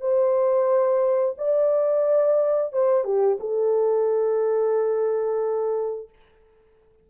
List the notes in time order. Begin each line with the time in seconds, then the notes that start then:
0.00 C5
1.37 D5
2.72 C5
3.04 G4
3.40 A4